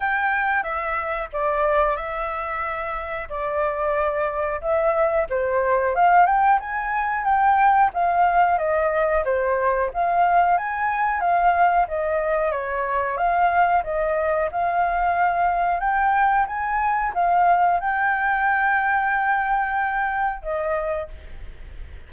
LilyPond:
\new Staff \with { instrumentName = "flute" } { \time 4/4 \tempo 4 = 91 g''4 e''4 d''4 e''4~ | e''4 d''2 e''4 | c''4 f''8 g''8 gis''4 g''4 | f''4 dis''4 c''4 f''4 |
gis''4 f''4 dis''4 cis''4 | f''4 dis''4 f''2 | g''4 gis''4 f''4 g''4~ | g''2. dis''4 | }